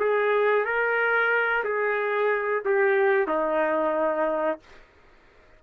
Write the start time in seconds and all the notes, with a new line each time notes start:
0.00 G#4
0.65 A#4
1.65 G#4
2.65 G4
3.28 D#4